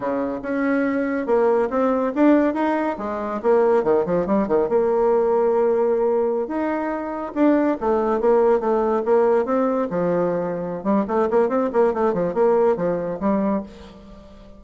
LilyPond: \new Staff \with { instrumentName = "bassoon" } { \time 4/4 \tempo 4 = 141 cis4 cis'2 ais4 | c'4 d'4 dis'4 gis4 | ais4 dis8 f8 g8 dis8 ais4~ | ais2.~ ais16 dis'8.~ |
dis'4~ dis'16 d'4 a4 ais8.~ | ais16 a4 ais4 c'4 f8.~ | f4. g8 a8 ais8 c'8 ais8 | a8 f8 ais4 f4 g4 | }